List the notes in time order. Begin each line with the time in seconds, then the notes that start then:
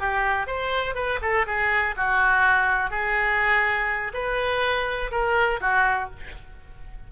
0.00 G4
0.47 C5
0.95 B4
1.22 A4
1.47 G#4
1.97 F#4
2.91 G#4
4.14 B4
5.12 A#4
5.61 F#4